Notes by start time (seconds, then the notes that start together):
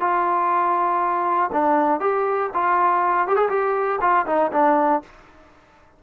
0.00 F4
1.52 D4
2.00 G4
2.53 F4
3.27 G4
3.36 G#4
3.49 G4
4.01 F4
4.26 D#4
4.52 D4